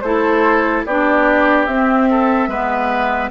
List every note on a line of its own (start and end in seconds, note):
0.00 0.84 A3
0.00 0.86 E4
0.00 0.85 A4
0.00 0.82 C5
0.85 1.67 B3
0.85 1.68 D4
0.85 2.09 G4
0.85 1.65 D5
1.65 2.47 C4
1.65 2.49 C4
1.65 3.30 E5
2.10 2.49 A4
2.47 3.29 G#3
2.47 3.30 B3
2.47 3.30 B4